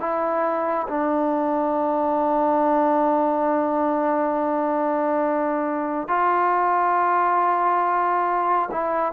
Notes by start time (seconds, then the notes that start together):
0.00 E4
0.88 D4
6.08 F4
8.71 E4